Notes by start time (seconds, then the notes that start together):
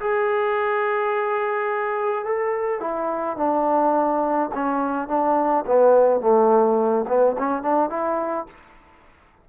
0.00 G#4
2.25 A4
2.80 E4
3.37 D4
4.54 C#4
5.08 D4
5.67 B3
6.21 A3
7.08 B3
7.38 C#4
7.63 D4
7.90 E4